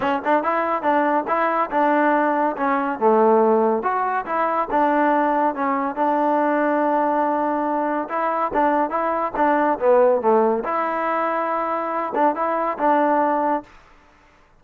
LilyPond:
\new Staff \with { instrumentName = "trombone" } { \time 4/4 \tempo 4 = 141 cis'8 d'8 e'4 d'4 e'4 | d'2 cis'4 a4~ | a4 fis'4 e'4 d'4~ | d'4 cis'4 d'2~ |
d'2. e'4 | d'4 e'4 d'4 b4 | a4 e'2.~ | e'8 d'8 e'4 d'2 | }